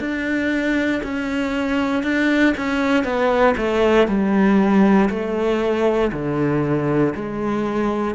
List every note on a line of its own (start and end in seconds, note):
0.00 1.02 D4
1.03 2.03 C#4
2.03 2.54 D4
2.57 3.04 C#4
3.04 3.55 B3
3.57 4.07 A3
4.07 5.09 G3
5.09 6.11 A3
6.12 7.14 D3
7.15 8.14 G#3